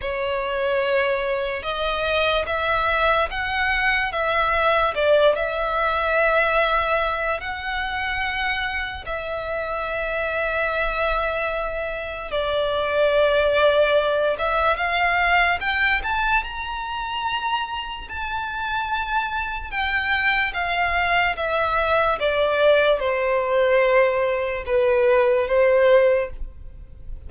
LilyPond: \new Staff \with { instrumentName = "violin" } { \time 4/4 \tempo 4 = 73 cis''2 dis''4 e''4 | fis''4 e''4 d''8 e''4.~ | e''4 fis''2 e''4~ | e''2. d''4~ |
d''4. e''8 f''4 g''8 a''8 | ais''2 a''2 | g''4 f''4 e''4 d''4 | c''2 b'4 c''4 | }